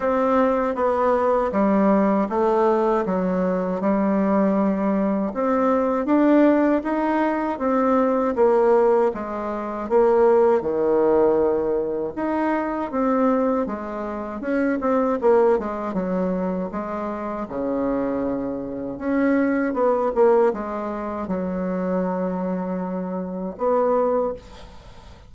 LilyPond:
\new Staff \with { instrumentName = "bassoon" } { \time 4/4 \tempo 4 = 79 c'4 b4 g4 a4 | fis4 g2 c'4 | d'4 dis'4 c'4 ais4 | gis4 ais4 dis2 |
dis'4 c'4 gis4 cis'8 c'8 | ais8 gis8 fis4 gis4 cis4~ | cis4 cis'4 b8 ais8 gis4 | fis2. b4 | }